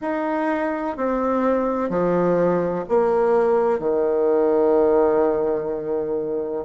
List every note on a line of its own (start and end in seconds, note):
0.01 0.96 D#4
0.97 1.89 C4
1.89 2.84 F3
2.88 3.79 A#3
3.79 6.65 D#3